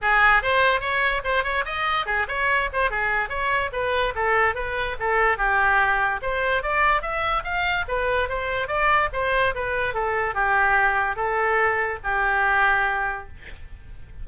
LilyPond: \new Staff \with { instrumentName = "oboe" } { \time 4/4 \tempo 4 = 145 gis'4 c''4 cis''4 c''8 cis''8 | dis''4 gis'8 cis''4 c''8 gis'4 | cis''4 b'4 a'4 b'4 | a'4 g'2 c''4 |
d''4 e''4 f''4 b'4 | c''4 d''4 c''4 b'4 | a'4 g'2 a'4~ | a'4 g'2. | }